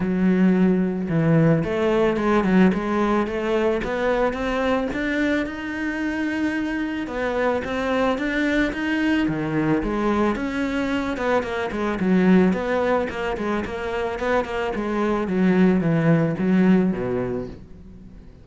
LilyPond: \new Staff \with { instrumentName = "cello" } { \time 4/4 \tempo 4 = 110 fis2 e4 a4 | gis8 fis8 gis4 a4 b4 | c'4 d'4 dis'2~ | dis'4 b4 c'4 d'4 |
dis'4 dis4 gis4 cis'4~ | cis'8 b8 ais8 gis8 fis4 b4 | ais8 gis8 ais4 b8 ais8 gis4 | fis4 e4 fis4 b,4 | }